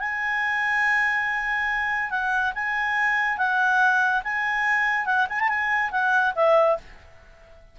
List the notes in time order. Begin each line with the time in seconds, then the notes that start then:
0.00 G#5
2.11 F#5
2.55 G#5
3.38 F#5
4.24 G#5
5.06 F#5
5.30 G#5
5.40 A5
5.49 G#5
5.92 F#5
6.36 E5